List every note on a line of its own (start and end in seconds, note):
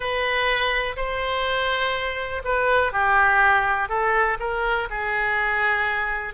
0.00 0.96 B4
0.96 2.42 C5
2.44 2.92 B4
2.92 3.88 G4
3.88 4.37 A4
4.39 4.88 A#4
4.89 6.33 G#4